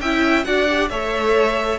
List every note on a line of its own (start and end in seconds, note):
0.00 0.45 C#4
0.00 0.43 E4
0.00 0.45 E5
0.00 0.44 G5
0.43 0.89 D4
0.43 0.66 F#4
0.43 0.90 D5
0.43 0.89 F#5
0.68 0.90 G4
0.89 1.78 A3
0.89 1.78 A4
0.89 1.78 C#5
0.89 1.78 E5